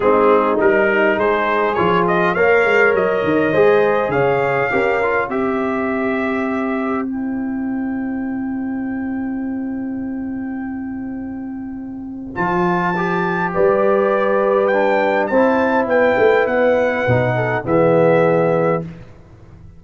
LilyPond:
<<
  \new Staff \with { instrumentName = "trumpet" } { \time 4/4 \tempo 4 = 102 gis'4 ais'4 c''4 cis''8 dis''8 | f''4 dis''2 f''4~ | f''4 e''2. | g''1~ |
g''1~ | g''4 a''2 d''4~ | d''4 g''4 a''4 g''4 | fis''2 e''2 | }
  \new Staff \with { instrumentName = "horn" } { \time 4/4 dis'2 gis'2 | cis''2 c''4 cis''4 | ais'4 c''2.~ | c''1~ |
c''1~ | c''2. b'4~ | b'2 c''4 b'4~ | b'4. a'8 gis'2 | }
  \new Staff \with { instrumentName = "trombone" } { \time 4/4 c'4 dis'2 f'4 | ais'2 gis'2 | g'8 f'8 g'2. | e'1~ |
e'1~ | e'4 f'4 g'2~ | g'4 d'4 e'2~ | e'4 dis'4 b2 | }
  \new Staff \with { instrumentName = "tuba" } { \time 4/4 gis4 g4 gis4 f4 | ais8 gis8 fis8 dis8 gis4 cis4 | cis'4 c'2.~ | c'1~ |
c'1~ | c'4 f2 g4~ | g2 c'4 b8 a8 | b4 b,4 e2 | }
>>